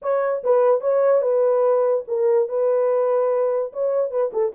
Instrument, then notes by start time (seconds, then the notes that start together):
horn
0.02 C#5
0.43 B4
0.80 C#5
1.21 B4
2.07 A#4
2.48 B4
3.72 C#5
4.10 B4
4.32 A4